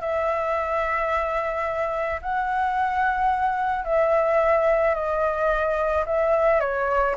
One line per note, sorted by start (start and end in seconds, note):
0.00 2.20 E5
2.21 3.84 F#5
3.84 4.94 E5
4.94 6.04 D#5
6.05 6.60 E5
6.60 7.15 C#5